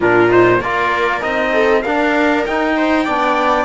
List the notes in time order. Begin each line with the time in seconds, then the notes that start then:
0.00 A#2 D4 F4 A#4
0.29 D#4 C5
0.59 A#3 F4 A#4 D5
1.21 C4 D#4 D#5
1.52 A4
1.82 D4 A#4 F5
2.46 D#4 G5
2.76 C5
3.04 B3 D4 D5